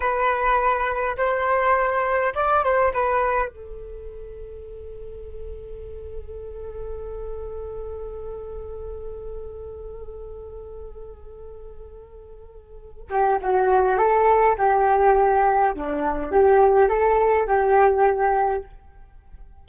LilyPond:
\new Staff \with { instrumentName = "flute" } { \time 4/4 \tempo 4 = 103 b'2 c''2 | d''8 c''8 b'4 a'2~ | a'1~ | a'1~ |
a'1~ | a'2~ a'8 g'8 fis'4 | a'4 g'2 d'4 | g'4 a'4 g'2 | }